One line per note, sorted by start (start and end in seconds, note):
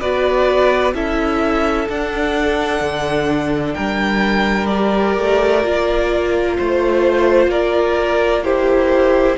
0.00 0.94 B3
0.00 0.94 F#4
0.00 0.94 B4
0.00 0.94 D5
0.94 1.87 C#4
0.94 1.88 E4
0.94 3.75 A4
0.94 1.88 E5
1.88 4.70 D4
1.88 2.80 D4
1.88 3.73 F#5
2.80 3.74 D3
3.73 5.17 G3
3.73 6.56 A#4
3.73 4.66 G5
4.66 5.63 G4
4.66 6.54 D5
5.17 5.64 A3
5.63 6.58 A#3
5.63 8.43 F4
6.57 7.47 A3
6.57 7.50 C5
7.47 9.34 A#3
7.47 8.44 A#4
7.47 8.44 D5
8.43 9.37 E4
8.43 9.37 G4
8.43 9.37 C5